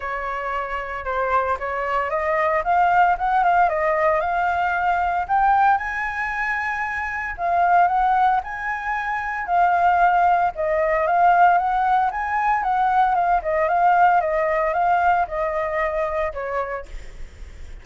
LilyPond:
\new Staff \with { instrumentName = "flute" } { \time 4/4 \tempo 4 = 114 cis''2 c''4 cis''4 | dis''4 f''4 fis''8 f''8 dis''4 | f''2 g''4 gis''4~ | gis''2 f''4 fis''4 |
gis''2 f''2 | dis''4 f''4 fis''4 gis''4 | fis''4 f''8 dis''8 f''4 dis''4 | f''4 dis''2 cis''4 | }